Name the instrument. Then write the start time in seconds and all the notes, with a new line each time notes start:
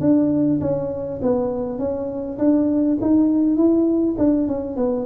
tuba
0.00 D4
0.60 C#4
1.22 B3
1.78 C#4
2.38 D4
3.01 D#4
3.56 E4
4.18 D4
4.47 C#4
4.76 B3